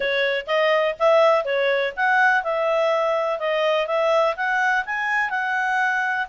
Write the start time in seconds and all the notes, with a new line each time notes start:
0.00 C#5
0.47 D#5
0.99 E5
1.44 C#5
1.96 F#5
2.43 E5
3.39 D#5
3.87 E5
4.36 F#5
4.85 G#5
5.30 F#5